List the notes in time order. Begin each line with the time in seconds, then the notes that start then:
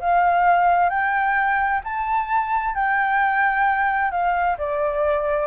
0.00 F5
0.90 G5
1.84 A5
2.75 G5
4.11 F5
4.58 D5